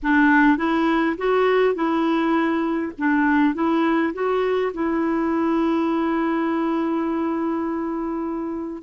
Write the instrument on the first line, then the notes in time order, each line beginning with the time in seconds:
clarinet
0.02 D4
0.57 E4
1.17 F#4
1.74 E4
2.98 D4
3.54 E4
4.13 F#4
4.73 E4